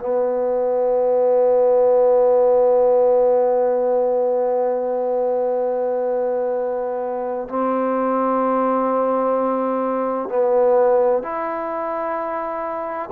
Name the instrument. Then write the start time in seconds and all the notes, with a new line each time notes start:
trombone
0.00 B3
7.49 C4
10.29 B3
11.22 E4